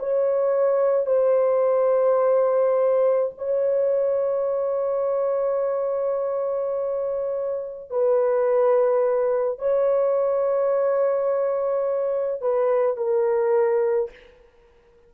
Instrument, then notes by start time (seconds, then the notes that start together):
horn
0.00 C#5
1.07 C5
3.38 C#5
7.91 B4
9.59 C#5
12.42 B4
12.98 A#4